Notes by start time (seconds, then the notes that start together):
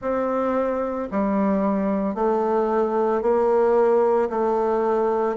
0.01 C4
1.11 G3
2.14 A3
3.21 A#3
4.29 A3